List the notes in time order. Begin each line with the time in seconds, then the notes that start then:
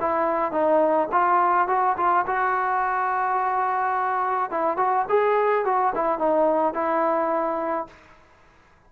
0.00 E4
0.52 D#4
1.12 F4
1.68 F#4
1.97 F4
2.27 F#4
4.51 E4
4.77 F#4
5.09 G#4
5.65 F#4
5.95 E4
6.19 D#4
6.74 E4